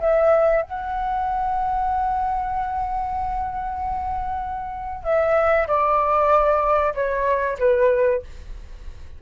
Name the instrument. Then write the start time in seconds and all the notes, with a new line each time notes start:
flute
0.00 E5
0.62 F#5
5.04 E5
5.67 D5
6.94 C#5
7.59 B4